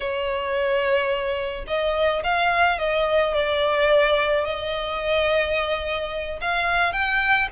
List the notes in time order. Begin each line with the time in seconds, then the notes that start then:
0.00 C#5
1.67 D#5
2.23 F5
2.78 D#5
3.34 D5
4.44 D#5
6.41 F5
6.92 G5